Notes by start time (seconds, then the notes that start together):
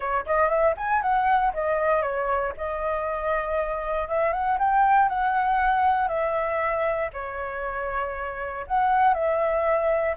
0.00 C#5
0.26 D#5
0.48 E5
0.77 G#5
1.02 F#5
1.53 D#5
2.02 C#5
2.57 D#5
4.08 E5
4.32 F#5
4.59 G5
5.08 F#5
6.08 E5
7.13 C#5
8.67 F#5
9.13 E5